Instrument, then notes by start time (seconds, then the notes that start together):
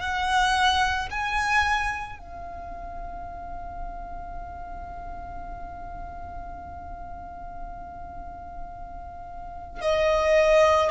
violin
0.00 F#5
1.11 G#5
2.19 F5
9.81 D#5